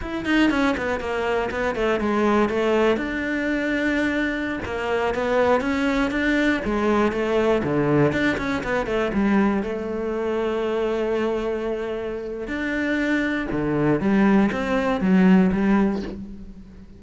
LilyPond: \new Staff \with { instrumentName = "cello" } { \time 4/4 \tempo 4 = 120 e'8 dis'8 cis'8 b8 ais4 b8 a8 | gis4 a4 d'2~ | d'4~ d'16 ais4 b4 cis'8.~ | cis'16 d'4 gis4 a4 d8.~ |
d16 d'8 cis'8 b8 a8 g4 a8.~ | a1~ | a4 d'2 d4 | g4 c'4 fis4 g4 | }